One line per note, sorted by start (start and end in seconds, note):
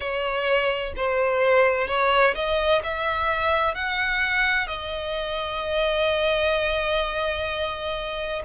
0.00 0.93 C#5
0.96 1.87 C5
1.87 2.34 C#5
2.34 2.81 D#5
2.83 3.75 E5
3.75 4.67 F#5
4.67 8.42 D#5